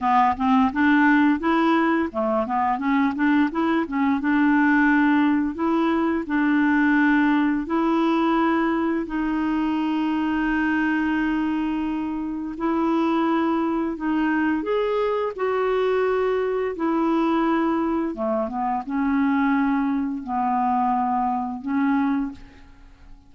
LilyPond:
\new Staff \with { instrumentName = "clarinet" } { \time 4/4 \tempo 4 = 86 b8 c'8 d'4 e'4 a8 b8 | cis'8 d'8 e'8 cis'8 d'2 | e'4 d'2 e'4~ | e'4 dis'2.~ |
dis'2 e'2 | dis'4 gis'4 fis'2 | e'2 a8 b8 cis'4~ | cis'4 b2 cis'4 | }